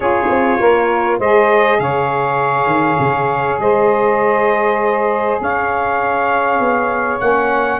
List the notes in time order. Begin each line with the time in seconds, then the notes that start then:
0.00 C#4 F4 G#4 C#5
0.29 C4
0.59 A#3 A#4
1.18 G#3 G#4 C5 D#5
1.79 C#3 C#5 F5
2.66 D#3
2.99 C#3
3.58 G#3 C5 D#5
5.40 C#4 C#5 F5
6.59 B3
7.20 A#3 C#4 F#5